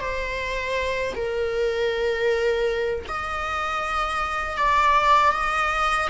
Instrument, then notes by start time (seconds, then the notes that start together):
viola
0.00 C5
1.16 A#4
3.08 D#5
4.57 D5
5.32 D#5